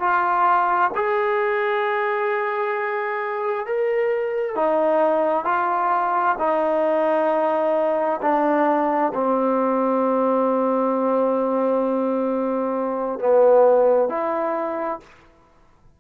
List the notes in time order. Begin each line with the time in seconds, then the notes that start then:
0.00 F4
0.95 G#4
3.66 A#4
4.55 D#4
5.44 F4
6.39 D#4
8.21 D4
9.14 C4
13.19 B3
14.09 E4